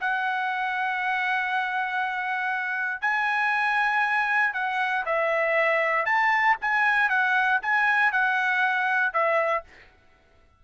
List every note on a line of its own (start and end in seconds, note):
0.00 3.01 F#5
3.01 4.53 G#5
4.53 5.04 F#5
5.05 6.05 E5
6.05 6.56 A5
6.61 7.09 G#5
7.09 7.60 F#5
7.62 8.11 G#5
8.11 9.13 F#5
9.13 9.64 E5